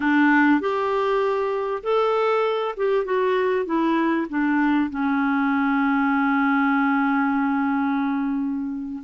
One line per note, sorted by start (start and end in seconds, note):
0.00 0.60 D4
0.60 1.83 G4
1.83 2.75 A4
2.77 3.04 G4
3.04 3.65 F#4
3.65 4.26 E4
4.29 4.90 D4
4.90 9.03 C#4